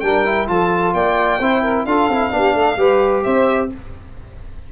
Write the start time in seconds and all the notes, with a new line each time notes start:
0.00 G3 D4 A#4 G5
0.25 E4
0.47 F3 F4 A4 A5
0.93 A#3 D5 G5
1.39 C4 E4 C5
1.62 A#4
1.85 D4 F4 A4 F5
2.09 C4 E4
2.31 B3 D4 G4
2.54 A3 A4
2.77 G3 G4 B4
3.23 C4 C5 E5